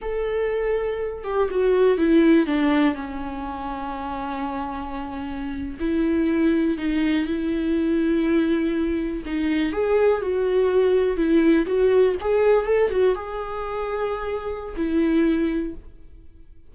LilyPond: \new Staff \with { instrumentName = "viola" } { \time 4/4 \tempo 4 = 122 a'2~ a'8 g'8 fis'4 | e'4 d'4 cis'2~ | cis'2.~ cis'8. e'16~ | e'4.~ e'16 dis'4 e'4~ e'16~ |
e'2~ e'8. dis'4 gis'16~ | gis'8. fis'2 e'4 fis'16~ | fis'8. gis'4 a'8 fis'8 gis'4~ gis'16~ | gis'2 e'2 | }